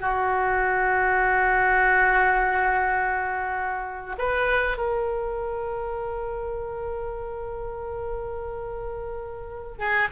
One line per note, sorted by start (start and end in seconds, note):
0.00 4.16 F#4
4.18 4.77 B4
4.77 9.79 A#4
9.79 10.08 G#4